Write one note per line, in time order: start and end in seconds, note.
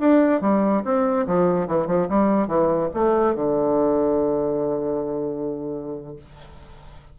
0.00 0.41 D4
0.41 0.83 G3
0.85 1.27 C4
1.27 1.68 F3
1.68 1.87 E3
1.87 2.08 F3
2.10 2.48 G3
2.48 2.90 E3
2.94 3.35 A3
3.35 6.17 D3